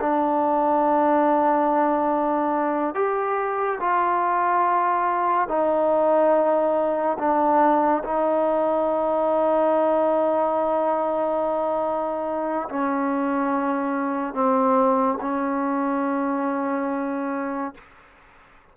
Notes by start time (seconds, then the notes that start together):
0.00 D4
2.95 G4
3.80 F4
5.48 D#4
7.18 D4
8.04 D#4
12.69 C#4
14.34 C4
15.21 C#4